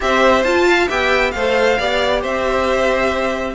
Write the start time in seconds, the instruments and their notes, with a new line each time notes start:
0.00 cello C4, viola G4, violin C5 E5
0.43 cello F4, viola F4, violin A5
0.67 violin F5
0.88 cello B3, viola G4, violin E5 G5
1.31 cello A3, viola A4, violin C5 F5
1.78 cello B3, viola G4, violin D5
2.21 cello C4, violin C5 E5